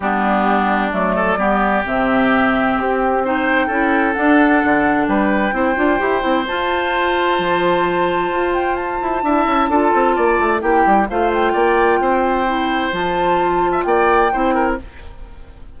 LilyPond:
<<
  \new Staff \with { instrumentName = "flute" } { \time 4/4 \tempo 4 = 130 g'2 d''2 | e''2 g'4 g''4~ | g''4 fis''2 g''4~ | g''2 a''2~ |
a''2~ a''8 g''8 a''4~ | a''2. g''4 | f''8 g''2.~ g''8 | a''2 g''2 | }
  \new Staff \with { instrumentName = "oboe" } { \time 4/4 d'2~ d'8 a'8 g'4~ | g'2. c''4 | a'2. b'4 | c''1~ |
c''1 | e''4 a'4 d''4 g'4 | c''4 d''4 c''2~ | c''4.~ c''16 e''16 d''4 c''8 ais'8 | }
  \new Staff \with { instrumentName = "clarinet" } { \time 4/4 b2 a4 b4 | c'2. dis'4 | e'4 d'2. | e'8 f'8 g'8 e'8 f'2~ |
f'1 | e'4 f'2 e'4 | f'2. e'4 | f'2. e'4 | }
  \new Staff \with { instrumentName = "bassoon" } { \time 4/4 g2 fis4 g4 | c2 c'2 | cis'4 d'4 d4 g4 | c'8 d'8 e'8 c'8 f'2 |
f2 f'4. e'8 | d'8 cis'8 d'8 c'8 ais8 a8 ais8 g8 | a4 ais4 c'2 | f2 ais4 c'4 | }
>>